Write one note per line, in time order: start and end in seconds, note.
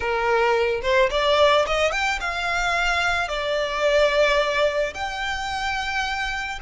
0.00 0.81 A#4
0.82 1.09 C5
1.10 1.65 D5
1.66 1.91 D#5
1.91 2.19 G5
2.20 3.28 F5
3.28 4.93 D5
4.93 6.59 G5